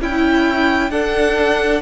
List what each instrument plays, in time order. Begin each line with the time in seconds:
0.00 cello C#4, violin E4 G5, viola E4
0.90 cello D4, viola D4, violin A4 F#5